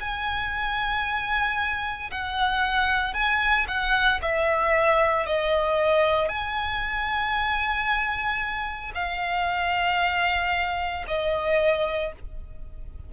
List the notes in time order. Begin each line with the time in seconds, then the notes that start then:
0.00 G#5
2.11 F#5
3.13 G#5
3.67 F#5
4.22 E5
5.26 D#5
6.28 G#5
8.94 F5
11.07 D#5